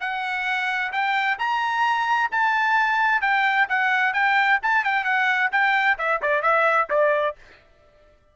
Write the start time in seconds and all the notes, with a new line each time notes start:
0.00 F#5
0.92 G5
1.38 A#5
2.31 A5
3.21 G5
3.69 F#5
4.14 G5
4.63 A5
4.84 G5
5.04 F#5
5.52 G5
5.98 E5
6.22 D5
6.42 E5
6.90 D5